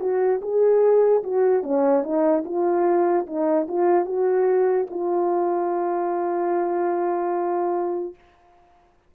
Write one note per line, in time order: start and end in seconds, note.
0.00 0.41 F#4
0.42 1.23 G#4
1.23 1.63 F#4
1.63 2.03 C#4
2.03 2.44 D#4
2.45 3.26 F4
3.27 3.67 D#4
3.68 4.05 F4
4.05 4.86 F#4
4.90 8.14 F4